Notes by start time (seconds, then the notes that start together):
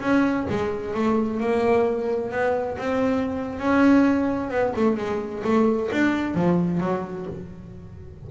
0.00 C#4
0.49 G#3
0.94 A3
1.40 A#3
2.31 B3
2.78 C4
3.59 C#4
4.50 B3
4.75 A3
4.97 G#3
5.43 A3
5.91 D4
6.34 F3
6.80 F#3